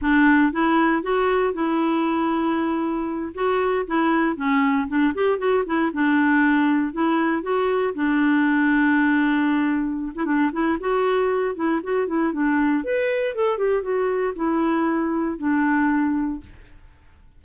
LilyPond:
\new Staff \with { instrumentName = "clarinet" } { \time 4/4 \tempo 4 = 117 d'4 e'4 fis'4 e'4~ | e'2~ e'8 fis'4 e'8~ | e'8 cis'4 d'8 g'8 fis'8 e'8 d'8~ | d'4. e'4 fis'4 d'8~ |
d'2.~ d'8. e'16 | d'8 e'8 fis'4. e'8 fis'8 e'8 | d'4 b'4 a'8 g'8 fis'4 | e'2 d'2 | }